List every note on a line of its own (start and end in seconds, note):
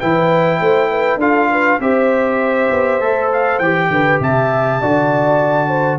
0.00 0.61 E3
0.00 1.21 E4
0.00 0.60 B4
0.00 1.20 G5
0.60 1.17 A3
0.60 0.90 C5
0.91 1.20 B4
1.17 1.77 D4
1.17 1.81 F4
1.17 1.50 A4
1.17 1.81 F5
1.50 1.80 B4
1.80 2.70 C4
1.80 3.01 G4
1.80 3.91 C5
1.80 3.31 E5
2.71 3.01 B3
3.01 3.60 A3
3.01 3.61 A4
3.33 3.59 F5
3.59 3.90 E3
3.59 4.82 G4
3.59 4.19 G5
3.90 4.20 D3
3.90 4.22 B4
4.21 4.80 C3
4.21 4.82 E5
4.21 5.99 A5
4.82 5.99 D3
4.82 5.99 F#4
4.82 5.69 D5
5.69 5.99 C5